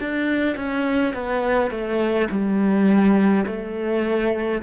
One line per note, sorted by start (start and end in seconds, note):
0.00 0.56 D4
0.56 1.13 C#4
1.13 1.70 B3
1.70 2.28 A3
2.30 3.46 G3
3.46 4.62 A3